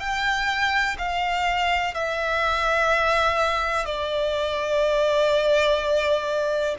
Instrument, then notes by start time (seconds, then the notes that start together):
violin
0.00 G5
0.99 F5
1.94 E5
3.85 D5